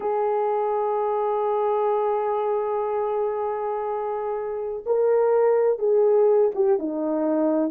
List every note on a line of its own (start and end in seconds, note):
0.00 4.84 G#4
4.86 5.78 A#4
5.78 6.51 G#4
6.54 6.78 G4
6.78 7.71 D#4